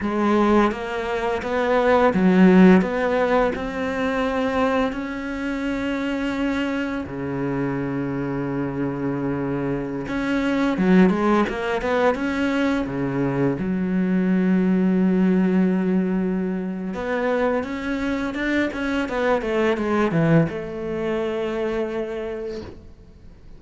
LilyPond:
\new Staff \with { instrumentName = "cello" } { \time 4/4 \tempo 4 = 85 gis4 ais4 b4 fis4 | b4 c'2 cis'4~ | cis'2 cis2~ | cis2~ cis16 cis'4 fis8 gis16~ |
gis16 ais8 b8 cis'4 cis4 fis8.~ | fis1 | b4 cis'4 d'8 cis'8 b8 a8 | gis8 e8 a2. | }